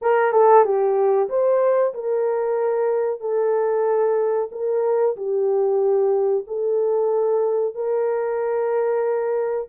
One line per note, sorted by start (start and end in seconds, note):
0.01 0.32 A#4
0.32 0.64 A4
0.64 1.28 G4
1.29 1.93 C5
1.94 3.20 A#4
3.20 4.49 A4
4.51 5.16 A#4
5.16 6.45 G4
6.47 7.74 A4
7.74 9.68 A#4